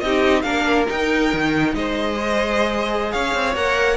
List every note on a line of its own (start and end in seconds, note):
0.00 0.44 C4
0.00 0.44 D#4
0.00 0.44 G4
0.00 0.42 D#5
0.42 0.87 A#3
0.42 0.87 D4
0.42 1.73 A#4
0.42 0.85 F5
0.87 2.15 D#4
0.87 1.33 D#4
0.87 1.75 G5
1.33 1.74 D#3
1.74 3.13 G#3
1.74 3.13 C5
1.74 3.12 D#5
2.15 3.54 G#4
3.12 3.35 C#4
3.12 3.97 C#5
3.12 3.55 F5
3.35 3.56 C4
3.56 3.97 A#3
3.56 3.97 A#4
3.56 3.97 F#5